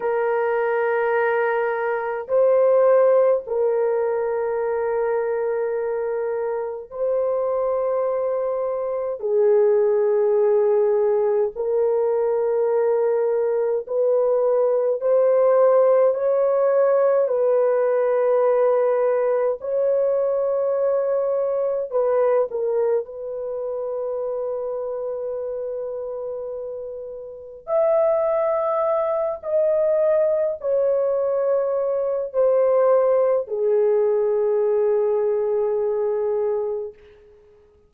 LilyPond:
\new Staff \with { instrumentName = "horn" } { \time 4/4 \tempo 4 = 52 ais'2 c''4 ais'4~ | ais'2 c''2 | gis'2 ais'2 | b'4 c''4 cis''4 b'4~ |
b'4 cis''2 b'8 ais'8 | b'1 | e''4. dis''4 cis''4. | c''4 gis'2. | }